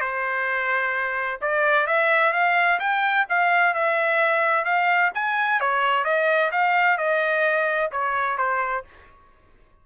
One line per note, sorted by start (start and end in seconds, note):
0.00 1.40 C5
1.41 1.87 D5
1.87 2.32 E5
2.32 2.79 F5
2.79 3.26 G5
3.29 3.74 F5
3.74 4.64 E5
4.64 5.11 F5
5.14 5.60 G#5
5.60 6.04 C#5
6.04 6.51 D#5
6.51 6.97 F5
6.97 7.90 D#5
7.91 8.37 C#5
8.37 8.84 C5